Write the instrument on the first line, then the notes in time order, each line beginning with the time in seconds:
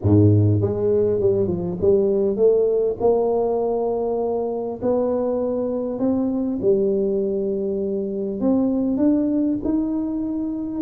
tuba
0.02 G#2
0.61 G#3
1.19 G3
1.47 F3
1.81 G3
2.36 A3
3.00 A#3
4.82 B3
5.99 C4
6.61 G3
8.40 C4
8.97 D4
9.64 D#4